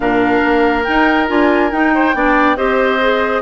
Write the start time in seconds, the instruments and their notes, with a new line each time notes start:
0.00 bassoon A#2, clarinet D4, oboe A#4, flute F5
0.44 bassoon A#3
0.83 clarinet D#4, bassoon D#4, flute G5
1.27 bassoon D4, clarinet F4, flute G#5
1.71 bassoon D#4, clarinet D#4, flute G5
1.94 oboe C5
2.14 bassoon B3, clarinet D4, oboe D5
2.56 bassoon C4, clarinet G4, oboe C5, flute D#5
3.00 clarinet G#4